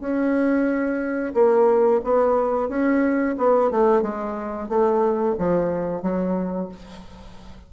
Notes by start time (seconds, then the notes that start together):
0.00 C#4
1.34 A#3
2.04 B3
2.69 C#4
3.38 B3
3.71 A3
4.02 G#3
4.69 A3
5.38 F3
6.02 F#3